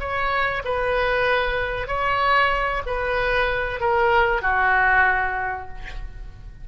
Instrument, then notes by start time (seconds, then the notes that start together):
oboe
0.00 C#5
0.65 B4
1.88 C#5
2.87 B4
3.80 A#4
4.42 F#4